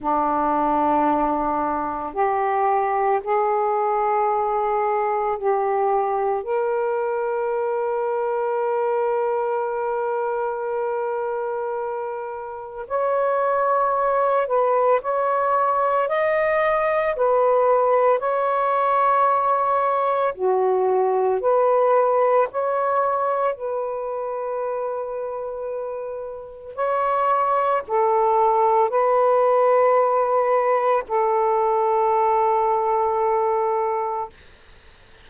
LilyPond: \new Staff \with { instrumentName = "saxophone" } { \time 4/4 \tempo 4 = 56 d'2 g'4 gis'4~ | gis'4 g'4 ais'2~ | ais'1 | cis''4. b'8 cis''4 dis''4 |
b'4 cis''2 fis'4 | b'4 cis''4 b'2~ | b'4 cis''4 a'4 b'4~ | b'4 a'2. | }